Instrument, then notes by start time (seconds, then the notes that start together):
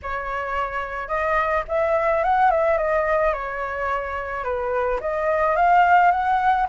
flute
0.02 C#5
1.08 D#5
1.67 E5
2.23 F#5
2.50 E5
2.77 D#5
3.33 C#5
4.43 B4
5.00 D#5
5.56 F5
6.11 F#5